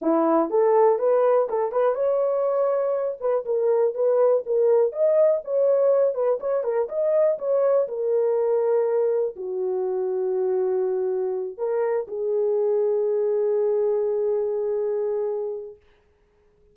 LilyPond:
\new Staff \with { instrumentName = "horn" } { \time 4/4 \tempo 4 = 122 e'4 a'4 b'4 a'8 b'8 | cis''2~ cis''8 b'8 ais'4 | b'4 ais'4 dis''4 cis''4~ | cis''8 b'8 cis''8 ais'8 dis''4 cis''4 |
ais'2. fis'4~ | fis'2.~ fis'8 ais'8~ | ais'8 gis'2.~ gis'8~ | gis'1 | }